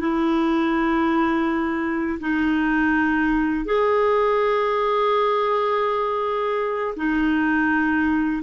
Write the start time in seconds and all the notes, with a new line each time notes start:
0.00 E4
2.21 D#4
3.66 G#4
6.97 D#4